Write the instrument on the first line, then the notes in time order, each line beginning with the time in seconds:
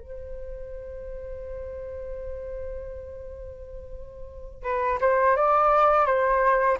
flute
0.00 C5
4.63 B4
5.01 C5
5.36 D5
6.06 C5